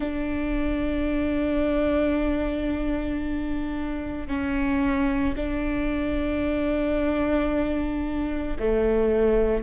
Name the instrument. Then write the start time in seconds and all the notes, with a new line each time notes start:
viola
0.00 D4
4.27 C#4
5.36 D4
8.59 A3